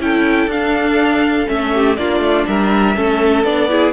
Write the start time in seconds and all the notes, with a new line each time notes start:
0.00 C#4 E4 A4 G5
0.47 D4 F5
1.47 A3 C#4 E5
1.74 G4
1.97 A#3 D4 F4 D5
2.20 A3
2.47 G3 A#4 E5
2.95 A3 C#4 A4
3.44 B3 D4 D5
3.69 E4 G#4